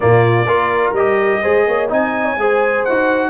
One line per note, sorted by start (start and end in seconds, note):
0.00 0.46 A#2
0.00 0.46 A#3
0.00 0.47 F4
0.00 0.93 D5
0.46 0.92 A#3
0.46 0.95 F4
0.46 1.41 A#4
0.92 1.39 G3
0.92 1.43 G4
0.92 1.90 D#5
1.41 1.67 G#3
1.41 1.89 G#4
1.41 1.65 C5
1.67 1.90 A#3
1.67 1.89 C#5
1.89 2.37 C4
1.89 2.36 D#4
1.89 2.25 D#5
1.89 2.84 G#5
2.25 2.37 C#5
2.37 2.84 G#3
2.37 2.87 G#4
2.37 3.30 C5
2.84 3.30 D#4
2.84 3.30 F#4
2.84 3.30 F#5